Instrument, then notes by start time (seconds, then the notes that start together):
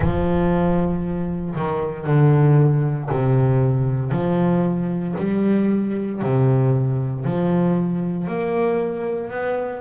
double bass
0.00 F3
1.55 D#3
2.06 D3
3.10 C3
4.11 F3
5.18 G3
6.21 C3
7.25 F3
8.27 A#3
9.30 B3